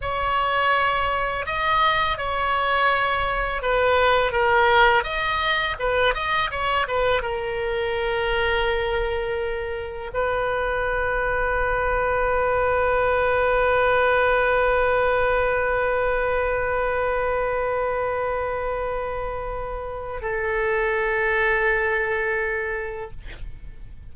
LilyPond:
\new Staff \with { instrumentName = "oboe" } { \time 4/4 \tempo 4 = 83 cis''2 dis''4 cis''4~ | cis''4 b'4 ais'4 dis''4 | b'8 dis''8 cis''8 b'8 ais'2~ | ais'2 b'2~ |
b'1~ | b'1~ | b'1 | a'1 | }